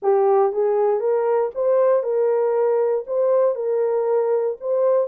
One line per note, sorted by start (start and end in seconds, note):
0.02 0.52 G4
0.52 1.00 G#4
1.00 1.50 A#4
1.54 2.03 C5
2.03 3.05 A#4
3.06 3.55 C5
3.55 4.56 A#4
4.60 5.07 C5